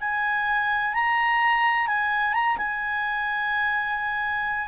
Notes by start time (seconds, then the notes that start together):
0.00 G#5
0.93 A#5
1.87 G#5
2.33 A#5
2.57 G#5